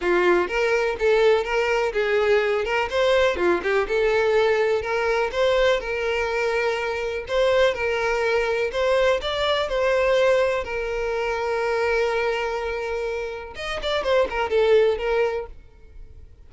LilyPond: \new Staff \with { instrumentName = "violin" } { \time 4/4 \tempo 4 = 124 f'4 ais'4 a'4 ais'4 | gis'4. ais'8 c''4 f'8 g'8 | a'2 ais'4 c''4 | ais'2. c''4 |
ais'2 c''4 d''4 | c''2 ais'2~ | ais'1 | dis''8 d''8 c''8 ais'8 a'4 ais'4 | }